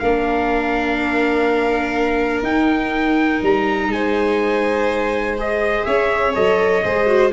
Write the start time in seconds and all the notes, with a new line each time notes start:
0.00 A#3 D4 A#4 F5
2.42 D#4 G5
3.43 G3 A#5
3.88 G#3 C5 G#5
5.38 G#4 D#5
5.84 C#4 C#5 E5
6.34 F#3 A4 D#5
6.84 G#3 G#4 C5
7.07 F#4